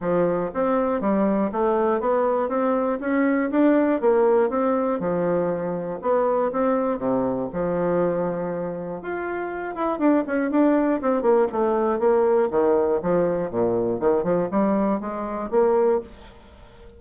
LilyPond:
\new Staff \with { instrumentName = "bassoon" } { \time 4/4 \tempo 4 = 120 f4 c'4 g4 a4 | b4 c'4 cis'4 d'4 | ais4 c'4 f2 | b4 c'4 c4 f4~ |
f2 f'4. e'8 | d'8 cis'8 d'4 c'8 ais8 a4 | ais4 dis4 f4 ais,4 | dis8 f8 g4 gis4 ais4 | }